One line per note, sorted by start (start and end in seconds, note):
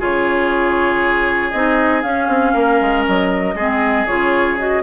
0.00 1.53 C#3
0.00 1.53 F4
0.00 2.53 G#4
0.00 1.51 C#5
1.51 2.04 C4
1.51 2.03 D#4
1.51 2.02 D#5
2.03 3.56 C#4
2.03 2.28 C#4
2.03 3.04 F5
2.28 2.54 C4
2.53 2.81 A#3
2.53 3.55 A#4
2.81 3.07 G#3
3.06 3.55 F#3
3.06 4.07 D#5
3.55 4.06 G#3
3.55 4.08 C4
3.55 4.83 G#4
4.07 4.83 C#3
4.07 4.58 F4
4.07 4.58 C#5
4.58 4.83 F#4
4.58 4.83 D#5